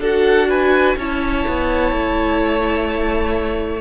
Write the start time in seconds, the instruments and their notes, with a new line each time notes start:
0.00 cello D4, viola F#4, violin A4 F#5
0.49 violin B4 G#5
0.97 cello C#4, viola E4, violin C#5 A5
1.48 cello B3
1.92 cello A3